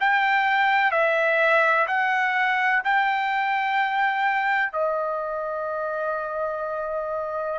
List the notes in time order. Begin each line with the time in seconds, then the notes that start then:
0.00 G5
0.91 E5
1.87 F#5
2.84 G5
4.72 D#5